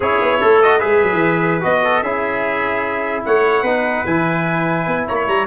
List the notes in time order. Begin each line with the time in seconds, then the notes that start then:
0.00 C#4 E4 G#4 C#5
0.21 B3
0.40 A3 A4
0.62 F#4 D#5
0.78 G#3 G#4 B4 E5
1.03 F#3
1.12 E3
1.60 B3 F#4 D#5
1.84 A4
2.01 C#4 E4 G#4 E5
3.25 A3 C#5 F#5
3.62 B3 D#4 B4
4.05 E3 E4 G#5
4.87 B3
5.07 A#3 C#5 A#5
5.15 B5
5.27 G3 A#5